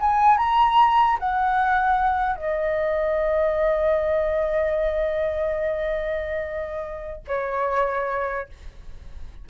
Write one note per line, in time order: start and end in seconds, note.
0.00 0.37 G#5
0.37 1.18 A#5
1.19 2.36 F#5
2.36 7.22 D#5
7.27 8.49 C#5